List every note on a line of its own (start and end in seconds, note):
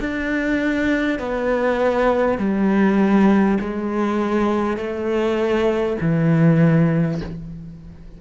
0.00 1.19 D4
1.19 2.38 B3
2.38 3.58 G3
3.60 4.77 G#3
4.77 5.97 A3
6.01 7.21 E3